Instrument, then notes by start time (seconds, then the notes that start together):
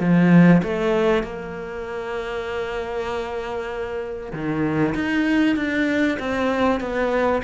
cello
0.00 F3
0.63 A3
1.23 A#3
4.33 D#3
4.95 D#4
5.56 D4
6.19 C4
6.80 B3